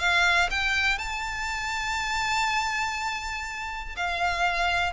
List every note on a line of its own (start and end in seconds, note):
0.00 0.50 F5
0.51 0.98 G5
0.98 3.96 A5
3.96 4.93 F5